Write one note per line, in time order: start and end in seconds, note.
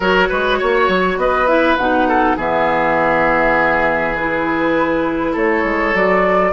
0.00 0.29 F#3
0.00 1.47 F#4
0.00 0.28 A#4
0.00 1.19 C#5
0.29 0.61 G#3
0.29 0.58 B4
0.58 0.88 A#3
0.58 1.17 C#5
0.88 1.16 F#3
1.16 1.76 B3
1.16 2.08 B4
1.16 1.47 D#5
1.47 1.77 E4
1.47 1.76 E5
1.77 2.36 B2
1.77 2.38 D#4
1.77 2.36 F#5
2.08 2.37 A4
2.36 5.33 E3
2.36 4.16 B3
2.36 5.32 G#4
2.36 4.15 E5
4.15 5.94 E4
4.15 5.34 B4
5.32 5.64 A3
5.32 6.51 A4
5.32 5.96 C#5
5.64 5.93 G#3
5.94 6.52 F#3
5.94 6.52 F#4
5.94 6.52 D5